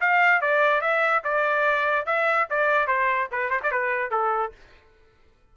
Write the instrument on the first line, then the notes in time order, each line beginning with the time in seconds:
trumpet
0.00 F5
0.41 D5
0.81 E5
1.24 D5
2.06 E5
2.50 D5
2.87 C5
3.31 B4
3.50 C5
3.63 D5
3.71 B4
4.11 A4